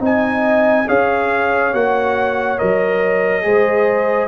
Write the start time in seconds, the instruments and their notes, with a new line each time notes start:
0.00 tuba C4, trombone D#4, horn D#5, trumpet G#5
0.87 tuba C#4, trombone G#4, horn C#5, trumpet F5
1.74 tuba A#3, trombone F#4, trumpet F#5
2.58 tuba F#3, trombone A#4, trumpet D#5
3.42 tuba G#3, trombone G#4, horn C5